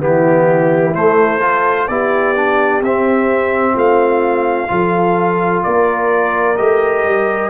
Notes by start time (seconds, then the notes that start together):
0.00 E3 B3 E4 G4
0.94 A3 C5
1.39 F4 A4
1.88 B3 E4 G4 D5
2.35 D4
2.81 C4 E5
3.74 A3 F4 F5
4.68 F3 F4 A4
5.63 A#3 A#4 D5
6.57 A3 G4 D#5
7.05 G3